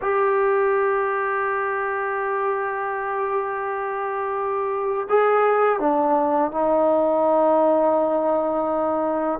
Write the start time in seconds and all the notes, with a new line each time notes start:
0.01 G4
5.09 G#4
5.79 D4
6.51 D#4